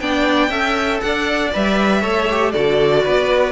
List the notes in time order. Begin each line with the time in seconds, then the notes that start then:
0.00 B3 D4 D5 G5
0.49 C#4 A4 E5
1.00 D4 D5 F#5
1.53 G3 B4 E5
2.01 A3 A4 C#5
2.30 G4
2.51 D3 F#4 A4 D5
3.03 B3 B4